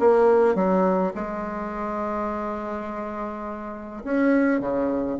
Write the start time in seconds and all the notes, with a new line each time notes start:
0.00 A#3
0.55 F#3
1.15 G#3
4.05 C#4
4.60 C#3